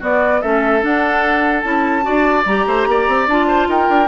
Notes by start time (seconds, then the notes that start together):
0.00 B3 F#4 D5
0.42 A3 C#4 A4 E5
0.82 D4 F#5
1.61 C#4 E4 A5
2.03 F#4 D5
2.09 D4
2.46 G3 G4 A#5
2.67 A3 C5
2.87 A#3 D5
3.08 C4
3.28 D4 F4 A5
3.48 C5
3.69 D#4 A#4 G5
3.89 D4